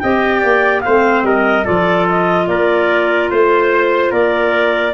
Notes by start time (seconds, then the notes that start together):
0.00 C4 G4 D#5 G5
0.40 A#3 D5
0.81 A3 C4 C5 F5
1.24 G3 A#4 D#5
1.65 F3 F4 A4 D5
2.09 D#5
2.48 A#3 A#4 D5
3.31 A3 C5
4.11 A#3 A#4 D5